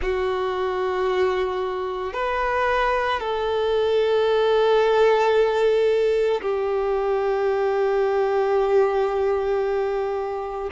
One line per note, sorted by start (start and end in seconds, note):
0.01 2.13 F#4
2.13 3.19 B4
3.19 6.41 A4
6.41 10.69 G4